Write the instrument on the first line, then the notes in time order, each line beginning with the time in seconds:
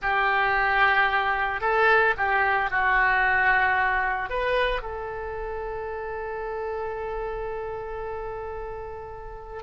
oboe
0.01 G4
1.60 A4
2.17 G4
2.70 F#4
4.29 B4
4.82 A4